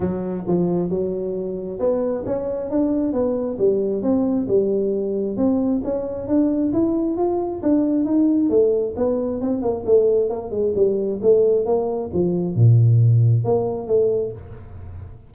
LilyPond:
\new Staff \with { instrumentName = "tuba" } { \time 4/4 \tempo 4 = 134 fis4 f4 fis2 | b4 cis'4 d'4 b4 | g4 c'4 g2 | c'4 cis'4 d'4 e'4 |
f'4 d'4 dis'4 a4 | b4 c'8 ais8 a4 ais8 gis8 | g4 a4 ais4 f4 | ais,2 ais4 a4 | }